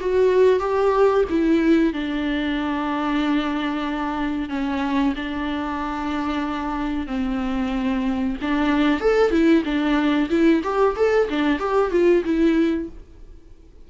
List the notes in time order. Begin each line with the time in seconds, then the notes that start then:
0.00 F#4
0.60 G4
1.29 E4
1.93 D4
4.49 C#4
5.15 D4
7.06 C4
8.41 D4
9.00 A4
9.31 E4
9.64 D4
10.30 E4
10.63 G4
10.96 A4
11.29 D4
11.59 G4
11.91 F4
12.24 E4